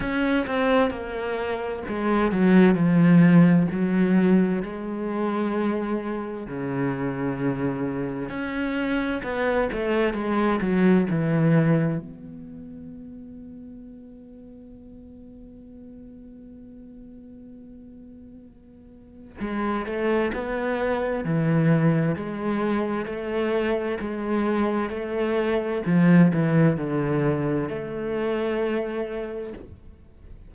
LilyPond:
\new Staff \with { instrumentName = "cello" } { \time 4/4 \tempo 4 = 65 cis'8 c'8 ais4 gis8 fis8 f4 | fis4 gis2 cis4~ | cis4 cis'4 b8 a8 gis8 fis8 | e4 b2.~ |
b1~ | b4 gis8 a8 b4 e4 | gis4 a4 gis4 a4 | f8 e8 d4 a2 | }